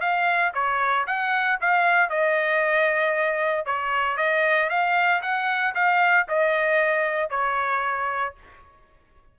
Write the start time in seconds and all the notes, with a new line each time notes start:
0.00 F5
0.54 C#5
1.07 F#5
1.61 F5
2.09 D#5
3.65 C#5
4.17 D#5
4.69 F5
5.22 F#5
5.74 F5
6.28 D#5
7.30 C#5